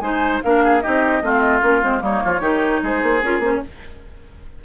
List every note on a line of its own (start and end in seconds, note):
0.00 0.40 G#3
0.00 0.42 D#4
0.00 0.44 C5
0.00 0.40 G#5
0.44 0.85 A#3
0.44 0.82 D4
0.44 0.64 A#4
0.44 0.82 F5
0.64 0.83 G#4
0.82 1.23 C4
0.82 1.22 D#4
0.82 1.23 G4
0.82 1.32 D#5
1.23 1.63 A3
1.23 1.62 C4
1.23 2.04 F4
1.33 1.40 F5
1.40 1.60 D#5
1.62 1.83 A#3
1.62 1.82 C#4
1.62 1.83 A#4
1.82 2.02 G#3
1.82 2.00 C4
1.82 2.03 C5
2.00 2.22 G3
2.00 2.40 A#3
2.00 2.24 D#4
2.00 2.85 C#5
2.25 2.41 F3
2.25 2.41 F4
2.41 2.81 D#3
2.41 3.21 D#4
2.41 2.81 G4
2.83 3.03 G#3
2.83 3.64 G#4
2.83 3.24 C5
3.03 3.23 A#3
3.23 3.40 C#4
3.23 3.43 F4
3.23 3.44 A#4
3.40 3.60 A#3
3.40 3.63 C#4
3.40 3.54 C5
3.55 3.65 C#5